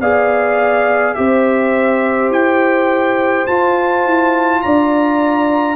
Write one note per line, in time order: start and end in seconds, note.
0.00 1.15 B3
0.00 1.15 G#4
0.00 1.17 D5
0.00 1.14 F5
1.14 2.30 C4
1.14 3.46 G4
1.14 4.63 C5
1.14 2.30 E5
2.30 3.45 E4
2.30 3.46 G5
3.46 5.75 F4
3.46 4.06 F4
3.46 4.62 A5
4.06 4.63 E4
4.62 5.75 D4
4.62 5.75 D5
4.62 5.75 A#5